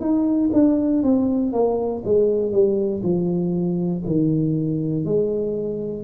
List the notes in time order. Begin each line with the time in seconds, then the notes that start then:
0.00 D#4
0.53 D4
1.03 C4
1.53 A#3
2.04 G#3
2.52 G3
3.03 F3
4.06 D#3
5.05 G#3